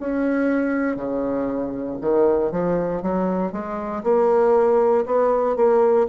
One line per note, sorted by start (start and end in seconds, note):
0.00 0.96 C#4
0.96 1.98 C#3
2.01 2.51 D#3
2.51 3.02 F3
3.02 3.52 F#3
3.52 4.03 G#3
4.04 5.05 A#3
5.06 5.57 B3
5.57 6.07 A#3